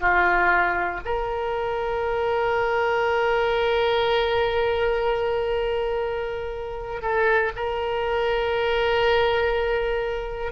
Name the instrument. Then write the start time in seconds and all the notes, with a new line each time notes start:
oboe
0.00 F4
1.05 A#4
7.02 A4
7.56 A#4